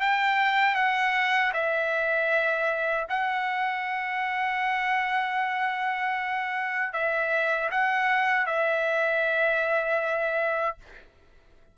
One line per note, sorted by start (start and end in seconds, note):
0.00 0.75 G5
0.75 1.52 F#5
1.53 3.07 E5
3.09 6.93 F#5
6.93 7.70 E5
7.71 8.46 F#5
8.46 10.77 E5